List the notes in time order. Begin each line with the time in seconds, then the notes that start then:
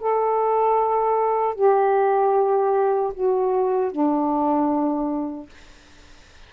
0.00 A4
1.55 G4
3.14 F#4
3.92 D4